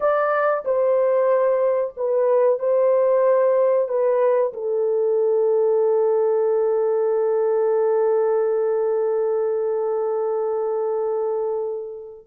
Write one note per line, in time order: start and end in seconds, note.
0.00 0.63 D5
0.65 1.94 C5
1.96 2.59 B4
2.59 3.88 C5
3.88 4.52 B4
4.53 12.27 A4